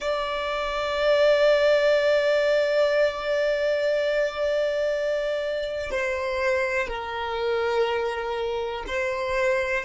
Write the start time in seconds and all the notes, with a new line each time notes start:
0.00 D5
5.90 C5
6.87 A#4
8.87 C5